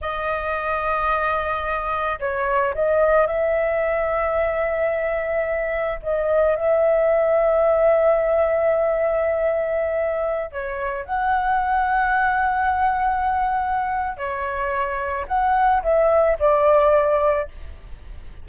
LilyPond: \new Staff \with { instrumentName = "flute" } { \time 4/4 \tempo 4 = 110 dis''1 | cis''4 dis''4 e''2~ | e''2. dis''4 | e''1~ |
e''2.~ e''16 cis''8.~ | cis''16 fis''2.~ fis''8.~ | fis''2 cis''2 | fis''4 e''4 d''2 | }